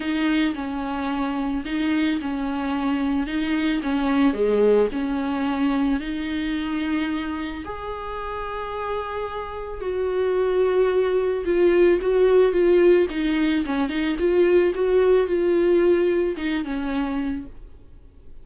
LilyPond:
\new Staff \with { instrumentName = "viola" } { \time 4/4 \tempo 4 = 110 dis'4 cis'2 dis'4 | cis'2 dis'4 cis'4 | gis4 cis'2 dis'4~ | dis'2 gis'2~ |
gis'2 fis'2~ | fis'4 f'4 fis'4 f'4 | dis'4 cis'8 dis'8 f'4 fis'4 | f'2 dis'8 cis'4. | }